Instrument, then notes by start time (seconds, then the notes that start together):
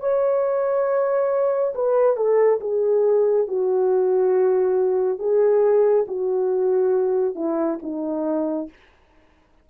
horn
0.00 C#5
1.75 B4
2.17 A4
2.60 G#4
3.48 F#4
5.19 G#4
6.08 F#4
7.36 E4
7.82 D#4